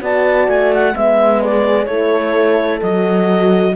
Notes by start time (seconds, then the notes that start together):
0.00 B3 F#4 D5 A5
0.47 A3 G#5
0.74 F#5
0.94 G#3 B3 E5
1.41 G#4 D5
1.85 A3 E4 A4 C#5
2.82 F#3 F#4 D#5